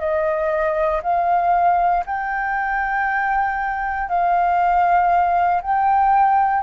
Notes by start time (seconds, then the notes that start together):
0.00 D#5
1.03 F5
2.06 G5
4.09 F5
5.62 G5